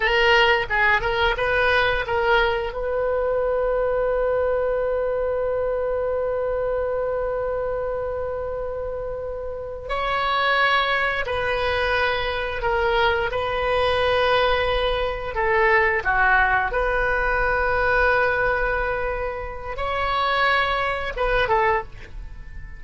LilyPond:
\new Staff \with { instrumentName = "oboe" } { \time 4/4 \tempo 4 = 88 ais'4 gis'8 ais'8 b'4 ais'4 | b'1~ | b'1~ | b'2~ b'8 cis''4.~ |
cis''8 b'2 ais'4 b'8~ | b'2~ b'8 a'4 fis'8~ | fis'8 b'2.~ b'8~ | b'4 cis''2 b'8 a'8 | }